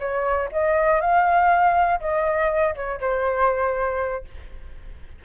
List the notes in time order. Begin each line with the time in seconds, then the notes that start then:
0.00 C#5
0.53 D#5
1.01 F5
2.01 D#5
2.75 C#5
3.01 C5